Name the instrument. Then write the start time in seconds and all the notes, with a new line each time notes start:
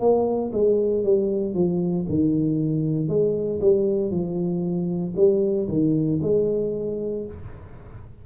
tuba
0.00 A#3
0.53 G#3
1.04 G3
1.55 F3
2.09 D#3
3.08 G#3
3.61 G3
4.11 F3
5.17 G3
5.69 D#3
6.23 G#3